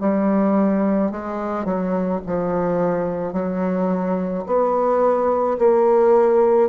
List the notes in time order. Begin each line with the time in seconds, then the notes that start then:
0.00 G3
1.11 G#3
1.65 F#3
2.26 F3
3.33 F#3
4.46 B3
5.58 A#3